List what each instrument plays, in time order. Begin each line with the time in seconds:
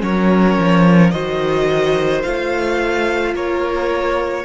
0.00 cello F#3, viola C#4, violin A#4 C#5
0.58 cello F3
1.10 cello D#3, viola F#4, violin C5 D#5
2.22 cello A3, viola F4, violin F5
3.34 cello A#3, violin A#4 C#5